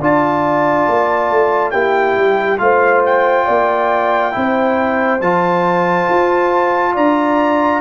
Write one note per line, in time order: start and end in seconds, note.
0.00 0.88 D4
0.00 1.74 F4
0.00 1.73 D5
0.00 1.71 A5
0.89 1.31 A#3
1.31 1.74 A3
1.71 2.17 A#3
1.71 2.59 E4
1.71 2.60 G4
1.71 2.58 G5
2.17 2.60 G3
2.59 3.47 A3
2.59 4.32 F4
2.59 3.45 C5
2.59 3.02 F5
3.06 5.22 G5
3.45 4.36 A#3
3.45 4.32 D5
4.32 5.21 C4
4.32 5.19 E4
4.32 6.95 C5
5.21 6.08 F3
5.21 7.82 F4
5.21 6.96 A5
6.10 6.96 F4
6.95 7.82 D4
6.95 7.82 D5
6.95 7.82 A#5